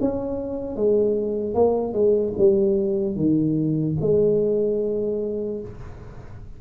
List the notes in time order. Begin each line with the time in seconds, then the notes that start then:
0.00 C#4
0.76 G#3
1.54 A#3
1.93 G#3
2.38 G3
3.16 D#3
4.00 G#3